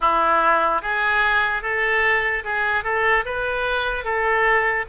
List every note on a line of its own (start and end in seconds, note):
0.00 0.81 E4
0.81 1.62 G#4
1.62 2.43 A4
2.44 2.83 G#4
2.83 3.24 A4
3.25 4.04 B4
4.04 4.85 A4